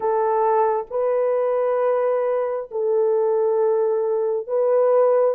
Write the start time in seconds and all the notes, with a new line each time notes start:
0.00 A4
0.90 B4
2.71 A4
4.47 B4